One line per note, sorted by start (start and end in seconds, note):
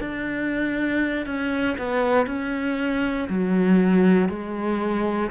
0.00 1.26 D4
1.26 1.77 C#4
1.78 2.27 B3
2.27 3.28 C#4
3.29 4.29 F#3
4.29 5.31 G#3